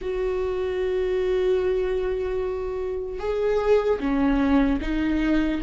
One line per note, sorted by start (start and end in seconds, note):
0.01 3.19 F#4
3.19 3.99 G#4
3.99 4.79 C#4
4.81 5.61 D#4